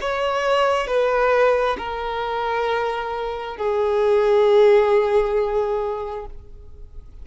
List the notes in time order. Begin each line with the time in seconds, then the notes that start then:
0.00 C#5
0.87 B4
1.77 A#4
3.57 G#4